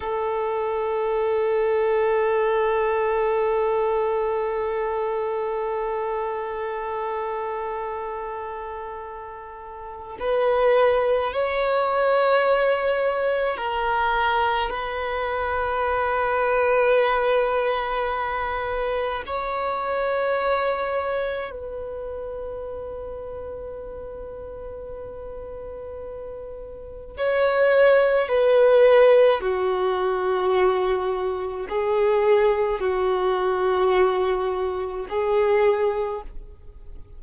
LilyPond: \new Staff \with { instrumentName = "violin" } { \time 4/4 \tempo 4 = 53 a'1~ | a'1~ | a'4 b'4 cis''2 | ais'4 b'2.~ |
b'4 cis''2 b'4~ | b'1 | cis''4 b'4 fis'2 | gis'4 fis'2 gis'4 | }